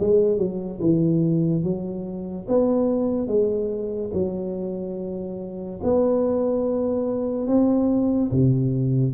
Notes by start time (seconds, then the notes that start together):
0.00 G#3
0.38 F#3
0.81 E3
1.63 F#3
2.48 B3
3.27 G#3
4.14 F#3
5.83 B3
7.48 C4
8.31 C3